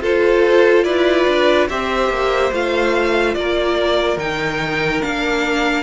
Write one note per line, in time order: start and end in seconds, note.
0.00 0.83 F4
0.00 1.68 F4
0.00 0.84 A4
0.00 0.84 C5
0.84 1.25 E4
0.84 1.68 B4
0.84 1.67 D5
1.27 1.69 D4
1.68 2.09 C4
1.68 2.52 G4
1.68 3.36 C5
1.68 2.52 E5
2.09 2.51 A#3
2.52 3.35 A3
2.52 4.18 F4
2.52 3.34 F5
3.34 4.16 A#3
3.34 5.83 A#4
3.34 4.17 D5
4.16 5.00 D#3
4.16 5.01 D#4
4.16 5.01 G5
5.01 5.83 A#3
5.01 5.83 D4
5.01 5.83 F5